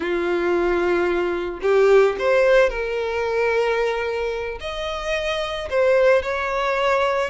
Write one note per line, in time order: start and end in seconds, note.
0.00 1.60 F4
1.62 2.16 G4
2.18 2.69 C5
2.69 4.58 A#4
4.60 5.68 D#5
5.70 6.22 C5
6.22 7.30 C#5